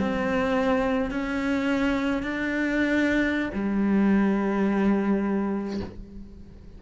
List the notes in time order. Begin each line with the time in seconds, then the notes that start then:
0.00 C4
1.11 C#4
2.23 D4
3.54 G3